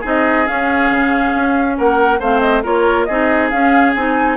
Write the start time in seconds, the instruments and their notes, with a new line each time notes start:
0.00 bassoon C4, clarinet D#4, oboe G#4
0.07 flute D#5
0.46 clarinet C#4, bassoon C#4, flute F5
0.90 bassoon C#3
1.35 bassoon C#4
1.77 bassoon A#3, oboe A#4, flute F#5
2.19 bassoon A3, clarinet C4, oboe C5, flute F5
2.40 flute D#5
2.63 bassoon A#3, clarinet F4, oboe A#4, flute C#5
3.04 bassoon C4, clarinet D#4, oboe G#4, flute D#5
3.49 bassoon C#4, clarinet C#4, flute F5
3.95 bassoon C4, clarinet D#4, flute G#5